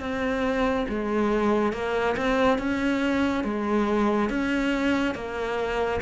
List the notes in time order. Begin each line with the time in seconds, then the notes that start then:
0.00 C4
0.89 G#3
1.73 A#3
2.17 C4
2.59 C#4
3.44 G#3
4.30 C#4
5.15 A#3